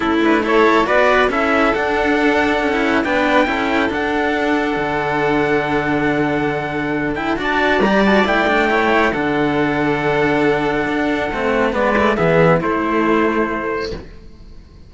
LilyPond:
<<
  \new Staff \with { instrumentName = "trumpet" } { \time 4/4 \tempo 4 = 138 a'8 b'8 cis''4 d''4 e''4 | fis''2. g''4~ | g''4 fis''2.~ | fis''1~ |
fis''8 g''8 a''4 ais''8 a''8 g''4~ | g''4 fis''2.~ | fis''2. d''4 | e''4 c''2. | }
  \new Staff \with { instrumentName = "violin" } { \time 4/4 e'4 a'4 b'4 a'4~ | a'2. b'4 | a'1~ | a'1~ |
a'4 d''2. | cis''4 a'2.~ | a'2. b'4 | gis'4 e'2. | }
  \new Staff \with { instrumentName = "cello" } { \time 4/4 cis'8 d'8 e'4 fis'4 e'4 | d'2~ d'16 e'8. d'4 | e'4 d'2.~ | d'1~ |
d'8 e'8 fis'4 g'8 fis'8 e'8 d'8 | e'4 d'2.~ | d'2 c'4 b8 a8 | b4 a2. | }
  \new Staff \with { instrumentName = "cello" } { \time 4/4 a2 b4 cis'4 | d'2 cis'4 b4 | cis'4 d'2 d4~ | d1~ |
d4 d'4 g4 a4~ | a4 d2.~ | d4 d'4 a4 gis4 | e4 a2. | }
>>